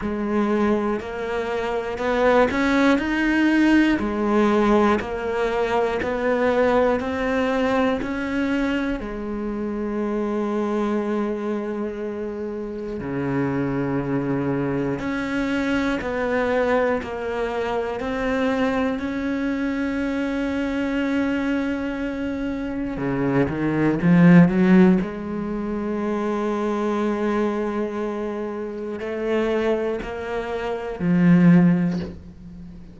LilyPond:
\new Staff \with { instrumentName = "cello" } { \time 4/4 \tempo 4 = 60 gis4 ais4 b8 cis'8 dis'4 | gis4 ais4 b4 c'4 | cis'4 gis2.~ | gis4 cis2 cis'4 |
b4 ais4 c'4 cis'4~ | cis'2. cis8 dis8 | f8 fis8 gis2.~ | gis4 a4 ais4 f4 | }